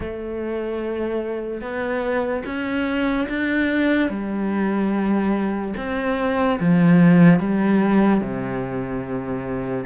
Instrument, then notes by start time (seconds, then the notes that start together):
cello
0.00 A3
1.61 B3
2.45 C#4
3.28 D4
4.09 G3
5.76 C4
6.59 F3
7.39 G3
8.20 C3